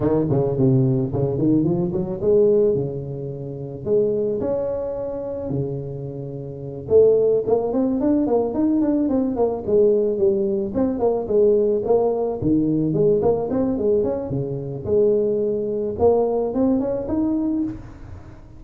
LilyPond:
\new Staff \with { instrumentName = "tuba" } { \time 4/4 \tempo 4 = 109 dis8 cis8 c4 cis8 dis8 f8 fis8 | gis4 cis2 gis4 | cis'2 cis2~ | cis8 a4 ais8 c'8 d'8 ais8 dis'8 |
d'8 c'8 ais8 gis4 g4 c'8 | ais8 gis4 ais4 dis4 gis8 | ais8 c'8 gis8 cis'8 cis4 gis4~ | gis4 ais4 c'8 cis'8 dis'4 | }